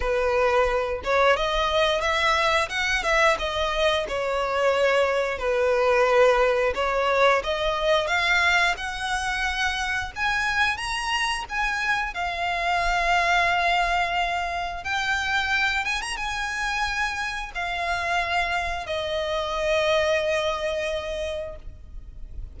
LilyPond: \new Staff \with { instrumentName = "violin" } { \time 4/4 \tempo 4 = 89 b'4. cis''8 dis''4 e''4 | fis''8 e''8 dis''4 cis''2 | b'2 cis''4 dis''4 | f''4 fis''2 gis''4 |
ais''4 gis''4 f''2~ | f''2 g''4. gis''16 ais''16 | gis''2 f''2 | dis''1 | }